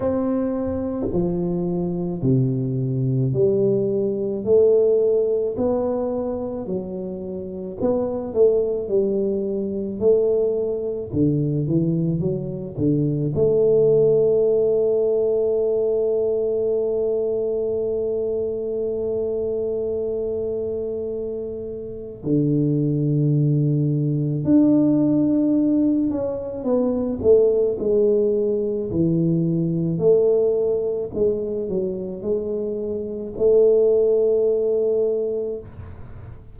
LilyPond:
\new Staff \with { instrumentName = "tuba" } { \time 4/4 \tempo 4 = 54 c'4 f4 c4 g4 | a4 b4 fis4 b8 a8 | g4 a4 d8 e8 fis8 d8 | a1~ |
a1 | d2 d'4. cis'8 | b8 a8 gis4 e4 a4 | gis8 fis8 gis4 a2 | }